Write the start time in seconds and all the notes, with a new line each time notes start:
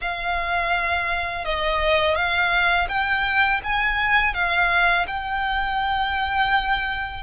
0.01 F5
1.45 D#5
2.15 F5
2.88 G5
3.63 G#5
4.33 F5
5.07 G5